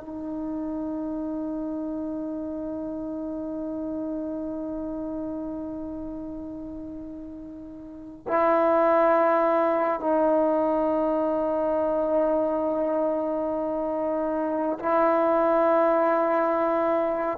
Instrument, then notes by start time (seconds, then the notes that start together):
trombone
0.00 D#4
8.28 E4
10.00 D#4
14.79 E4